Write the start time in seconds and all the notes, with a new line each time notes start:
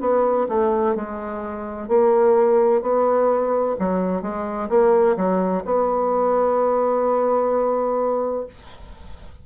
0.00 B3
0.49 A3
0.95 G#3
1.88 A#3
2.82 B3
3.79 F#3
4.22 G#3
4.70 A#3
5.16 F#3
5.65 B3